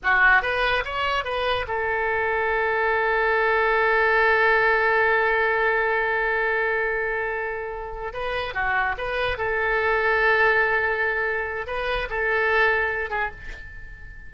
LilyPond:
\new Staff \with { instrumentName = "oboe" } { \time 4/4 \tempo 4 = 144 fis'4 b'4 cis''4 b'4 | a'1~ | a'1~ | a'1~ |
a'2.~ a'8 b'8~ | b'8 fis'4 b'4 a'4.~ | a'1 | b'4 a'2~ a'8 gis'8 | }